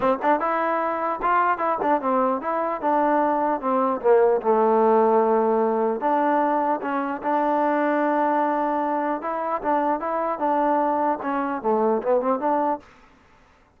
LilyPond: \new Staff \with { instrumentName = "trombone" } { \time 4/4 \tempo 4 = 150 c'8 d'8 e'2 f'4 | e'8 d'8 c'4 e'4 d'4~ | d'4 c'4 ais4 a4~ | a2. d'4~ |
d'4 cis'4 d'2~ | d'2. e'4 | d'4 e'4 d'2 | cis'4 a4 b8 c'8 d'4 | }